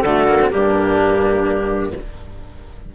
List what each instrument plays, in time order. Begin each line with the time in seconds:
0.00 bassoon D3, cello A3, flute F#4, clarinet A4
0.27 cello A#3
0.41 cello C4
0.50 bassoon G2, cello A#3, flute D4, clarinet G4